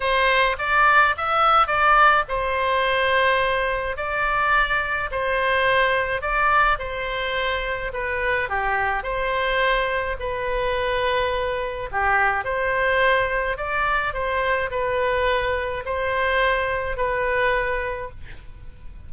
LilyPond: \new Staff \with { instrumentName = "oboe" } { \time 4/4 \tempo 4 = 106 c''4 d''4 e''4 d''4 | c''2. d''4~ | d''4 c''2 d''4 | c''2 b'4 g'4 |
c''2 b'2~ | b'4 g'4 c''2 | d''4 c''4 b'2 | c''2 b'2 | }